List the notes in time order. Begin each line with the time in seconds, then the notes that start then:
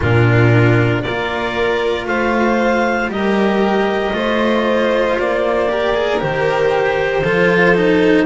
0.00 A#2 D4 F4 A#4
1.02 A#3 A#4 D5
1.08 F4
2.06 A3 C5 F5
3.08 G3 G4 A#4 D#5
4.12 A3 F4 C5
5.18 A#3 D5
5.69 G4 A#4
5.94 G#4
6.19 D#3 G4 C5
7.23 F3 F4 A4
7.75 D#4